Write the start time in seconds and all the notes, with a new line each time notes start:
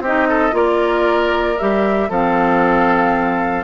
0.00 C4 D#4 G4 D#5
0.29 A4
0.51 A#3 F4 A#4 D5
1.58 G3 G4 E5
2.09 F3 C4 A4 F5